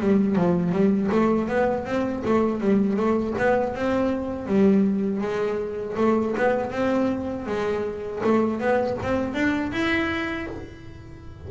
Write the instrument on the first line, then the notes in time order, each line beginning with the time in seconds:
double bass
0.00 G3
0.36 F3
0.72 G3
1.12 A3
1.48 B3
1.85 C4
2.25 A3
2.60 G3
2.97 A3
3.39 B3
3.75 C4
4.47 G3
5.21 G#3
5.97 A3
6.38 B3
6.72 C4
7.47 G#3
8.24 A3
8.60 B3
9.03 C4
9.34 D4
9.72 E4